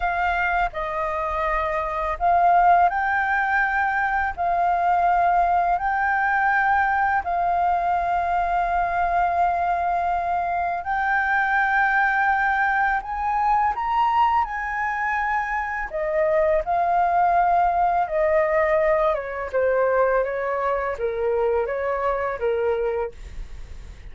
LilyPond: \new Staff \with { instrumentName = "flute" } { \time 4/4 \tempo 4 = 83 f''4 dis''2 f''4 | g''2 f''2 | g''2 f''2~ | f''2. g''4~ |
g''2 gis''4 ais''4 | gis''2 dis''4 f''4~ | f''4 dis''4. cis''8 c''4 | cis''4 ais'4 cis''4 ais'4 | }